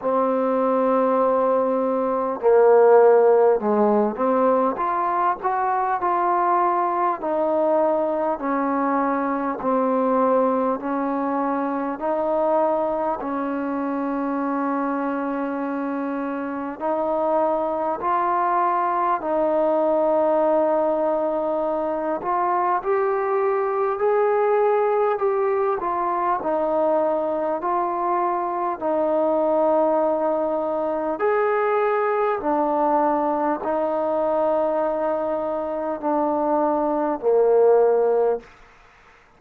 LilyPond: \new Staff \with { instrumentName = "trombone" } { \time 4/4 \tempo 4 = 50 c'2 ais4 gis8 c'8 | f'8 fis'8 f'4 dis'4 cis'4 | c'4 cis'4 dis'4 cis'4~ | cis'2 dis'4 f'4 |
dis'2~ dis'8 f'8 g'4 | gis'4 g'8 f'8 dis'4 f'4 | dis'2 gis'4 d'4 | dis'2 d'4 ais4 | }